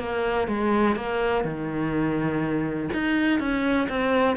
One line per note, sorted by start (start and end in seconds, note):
0.00 0.48 A#3
0.48 0.96 G#3
0.96 1.45 A#3
1.45 2.90 D#3
2.93 3.40 D#4
3.40 3.89 C#4
3.90 4.37 C4